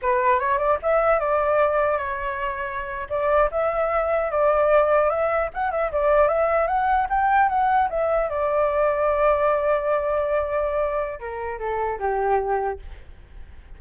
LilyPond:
\new Staff \with { instrumentName = "flute" } { \time 4/4 \tempo 4 = 150 b'4 cis''8 d''8 e''4 d''4~ | d''4 cis''2~ cis''8. d''16~ | d''8. e''2 d''4~ d''16~ | d''8. e''4 fis''8 e''8 d''4 e''16~ |
e''8. fis''4 g''4 fis''4 e''16~ | e''8. d''2.~ d''16~ | d''1 | ais'4 a'4 g'2 | }